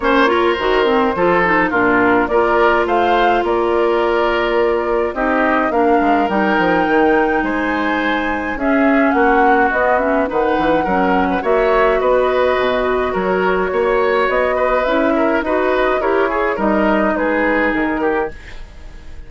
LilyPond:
<<
  \new Staff \with { instrumentName = "flute" } { \time 4/4 \tempo 4 = 105 cis''4 c''2 ais'4 | d''4 f''4 d''2~ | d''4 dis''4 f''4 g''4~ | g''4 gis''2 e''4 |
fis''4 dis''8 e''8 fis''2 | e''4 dis''2 cis''4~ | cis''4 dis''4 e''4 dis''4 | cis''4 dis''4 b'4 ais'4 | }
  \new Staff \with { instrumentName = "oboe" } { \time 4/4 c''8 ais'4. a'4 f'4 | ais'4 c''4 ais'2~ | ais'4 g'4 ais'2~ | ais'4 c''2 gis'4 |
fis'2 b'4 ais'8. b'16 | cis''4 b'2 ais'4 | cis''4. b'4 ais'8 b'4 | ais'8 gis'8 ais'4 gis'4. g'8 | }
  \new Staff \with { instrumentName = "clarinet" } { \time 4/4 cis'8 f'8 fis'8 c'8 f'8 dis'8 d'4 | f'1~ | f'4 dis'4 d'4 dis'4~ | dis'2. cis'4~ |
cis'4 b8 cis'8 dis'4 cis'4 | fis'1~ | fis'2 e'4 fis'4 | g'8 gis'8 dis'2. | }
  \new Staff \with { instrumentName = "bassoon" } { \time 4/4 ais4 dis4 f4 ais,4 | ais4 a4 ais2~ | ais4 c'4 ais8 gis8 g8 f8 | dis4 gis2 cis'4 |
ais4 b4 dis8 e8 fis4 | ais4 b4 b,4 fis4 | ais4 b4 cis'4 dis'4 | e'4 g4 gis4 dis4 | }
>>